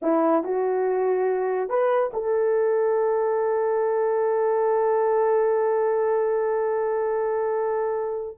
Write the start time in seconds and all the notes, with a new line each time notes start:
0.02 E4
0.43 F#4
1.69 B4
2.13 A4